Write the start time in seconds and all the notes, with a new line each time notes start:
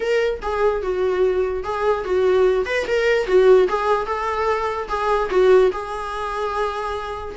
0.00 A#4
0.42 G#4
0.82 F#4
1.63 G#4
2.04 F#4
2.65 B4
2.87 A#4
3.27 F#4
3.68 G#4
4.06 A4
4.88 G#4
5.30 F#4
5.72 G#4